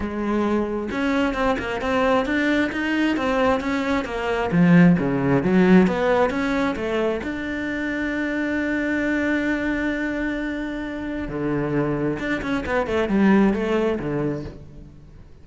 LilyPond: \new Staff \with { instrumentName = "cello" } { \time 4/4 \tempo 4 = 133 gis2 cis'4 c'8 ais8 | c'4 d'4 dis'4 c'4 | cis'4 ais4 f4 cis4 | fis4 b4 cis'4 a4 |
d'1~ | d'1~ | d'4 d2 d'8 cis'8 | b8 a8 g4 a4 d4 | }